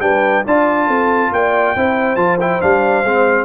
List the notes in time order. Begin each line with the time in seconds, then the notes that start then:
0.00 G3 D4 B4 G5
0.44 D4 F4 D5 A5
0.87 C4 A4
1.32 A#3 D5 G5
1.75 C4 E4 C5
2.15 F3 F4 A5
2.40 E4 G5
2.61 G3 D4 F5
3.03 G#3 C4